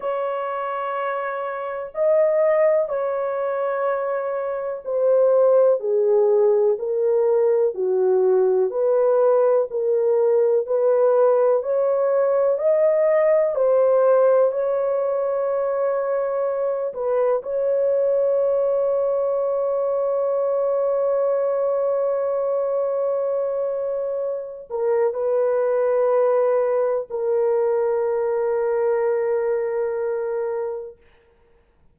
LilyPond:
\new Staff \with { instrumentName = "horn" } { \time 4/4 \tempo 4 = 62 cis''2 dis''4 cis''4~ | cis''4 c''4 gis'4 ais'4 | fis'4 b'4 ais'4 b'4 | cis''4 dis''4 c''4 cis''4~ |
cis''4. b'8 cis''2~ | cis''1~ | cis''4. ais'8 b'2 | ais'1 | }